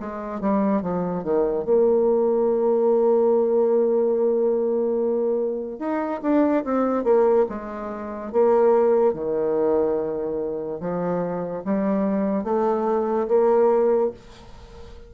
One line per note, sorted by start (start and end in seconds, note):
0.00 0.41 G#3
0.41 0.82 G3
0.82 1.23 F3
1.23 1.65 D#3
1.65 5.79 A#3
5.79 6.21 D#4
6.23 6.64 D4
6.64 7.04 C4
7.04 7.46 A#3
7.50 8.33 G#3
8.33 9.14 A#3
9.14 10.81 D#3
10.81 11.64 F3
11.65 12.44 G3
12.44 13.28 A3
13.28 14.11 A#3